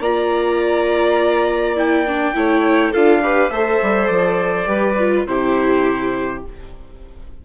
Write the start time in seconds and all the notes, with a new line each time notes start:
0.00 A#3 F4 D5 A#5
1.77 E4 G5
2.08 D4
2.34 A3 E4 C#5
2.92 D4 F4 A4 F5
3.23 G4 B4
3.50 A3 A4 C5 E5
3.82 G3
4.08 F3 D5
4.66 G3 G4 B4
4.99 F4
5.26 C3 E4 G4 C5